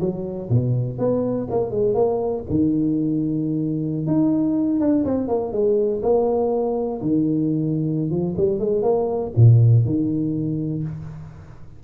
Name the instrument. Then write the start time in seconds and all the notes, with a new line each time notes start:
tuba
0.00 F#3
0.50 B2
0.98 B3
1.50 A#3
1.71 G#3
1.94 A#3
2.50 D#3
4.07 D#4
4.80 D4
5.05 C4
5.28 A#3
5.52 G#3
6.02 A#3
7.01 D#3
8.10 F3
8.37 G3
8.59 G#3
8.83 A#3
9.37 A#2
9.85 D#3